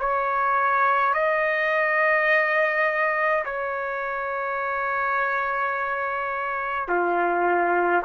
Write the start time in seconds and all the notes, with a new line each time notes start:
0.00 C#5
1.14 D#5
3.45 C#5
6.89 F4